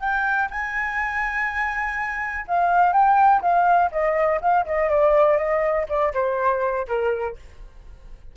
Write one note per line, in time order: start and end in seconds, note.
0.00 0.49 G5
0.50 2.45 G#5
2.48 2.92 F5
2.92 3.41 G5
3.41 3.90 F5
3.92 4.40 D#5
4.41 4.66 F5
4.66 4.89 D#5
4.89 5.37 D5
5.37 5.86 D#5
5.89 6.13 D5
6.14 6.87 C5
6.88 7.36 A#4